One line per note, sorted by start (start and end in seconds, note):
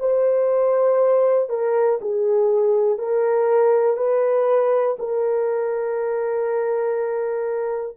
0.00 1.50 C5
1.50 2.00 A#4
2.01 2.99 G#4
2.99 3.97 A#4
3.97 4.97 B4
4.99 7.97 A#4